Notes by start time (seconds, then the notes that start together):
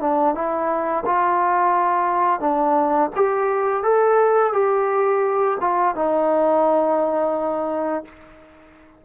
0.00 D4
0.34 E4
1.05 F4
2.40 D4
3.15 G4
3.83 A4
4.53 G4
5.60 F4
5.95 D#4